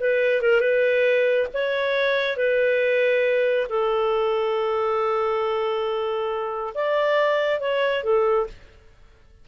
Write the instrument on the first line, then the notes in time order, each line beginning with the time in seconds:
clarinet
0.00 B4
0.42 A#4
0.60 B4
1.53 C#5
2.37 B4
3.69 A4
6.74 D5
7.60 C#5
8.03 A4